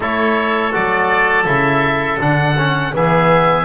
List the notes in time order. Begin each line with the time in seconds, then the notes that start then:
0.00 A3 E4 A4 C#5
0.71 F#3 F#4 D5
1.45 C#3 E4 E5
2.19 D3 D4 F#5
2.57 C#4
2.93 E3 B3 G#4 E5